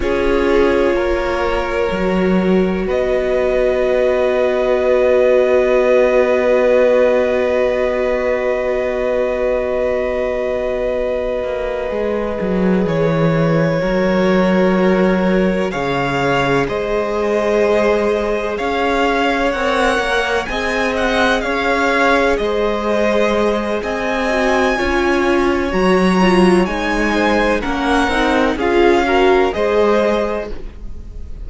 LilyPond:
<<
  \new Staff \with { instrumentName = "violin" } { \time 4/4 \tempo 4 = 63 cis''2. dis''4~ | dis''1~ | dis''1~ | dis''4. cis''2~ cis''8~ |
cis''8 f''4 dis''2 f''8~ | f''8 fis''4 gis''8 fis''8 f''4 dis''8~ | dis''4 gis''2 ais''4 | gis''4 fis''4 f''4 dis''4 | }
  \new Staff \with { instrumentName = "violin" } { \time 4/4 gis'4 ais'2 b'4~ | b'1~ | b'1~ | b'2~ b'8 ais'4.~ |
ais'8 cis''4 c''2 cis''8~ | cis''4. dis''4 cis''4 c''8~ | c''4 dis''4 cis''2~ | cis''8 c''8 ais'4 gis'8 ais'8 c''4 | }
  \new Staff \with { instrumentName = "viola" } { \time 4/4 f'2 fis'2~ | fis'1~ | fis'1~ | fis'8 gis'2 fis'4.~ |
fis'8 gis'2.~ gis'8~ | gis'8 ais'4 gis'2~ gis'8~ | gis'4. fis'8 f'4 fis'8 f'8 | dis'4 cis'8 dis'8 f'8 fis'8 gis'4 | }
  \new Staff \with { instrumentName = "cello" } { \time 4/4 cis'4 ais4 fis4 b4~ | b1~ | b1 | ais8 gis8 fis8 e4 fis4.~ |
fis8 cis4 gis2 cis'8~ | cis'8 c'8 ais8 c'4 cis'4 gis8~ | gis4 c'4 cis'4 fis4 | gis4 ais8 c'8 cis'4 gis4 | }
>>